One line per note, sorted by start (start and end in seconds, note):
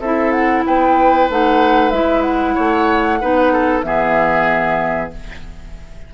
0.00 0.64 C4
0.00 1.31 E4
0.00 0.64 A4
0.00 0.31 E5
0.31 0.63 F#5
0.66 1.30 B3
0.66 2.55 B4
0.66 1.30 G5
1.30 1.92 A3
1.30 1.93 D#4
1.30 1.91 F#5
1.91 2.56 G#3
1.91 3.21 E4
1.91 2.22 E5
2.22 3.82 F#5
2.55 3.22 A3
2.55 3.19 C#5
3.21 3.83 B3
3.21 3.83 D#4
3.21 3.53 B4
3.53 3.85 A4
3.83 5.11 E3
3.83 5.11 B3
3.83 5.14 G#4
3.83 5.11 E5